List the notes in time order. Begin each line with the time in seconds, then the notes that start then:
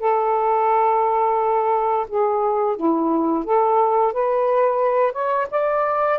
0.00 A4
2.09 G#4
2.77 E4
3.45 A4
4.13 B4
5.13 C#5
5.51 D5